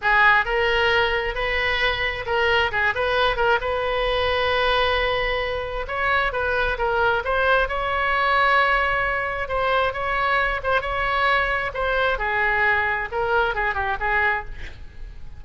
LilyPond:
\new Staff \with { instrumentName = "oboe" } { \time 4/4 \tempo 4 = 133 gis'4 ais'2 b'4~ | b'4 ais'4 gis'8 b'4 ais'8 | b'1~ | b'4 cis''4 b'4 ais'4 |
c''4 cis''2.~ | cis''4 c''4 cis''4. c''8 | cis''2 c''4 gis'4~ | gis'4 ais'4 gis'8 g'8 gis'4 | }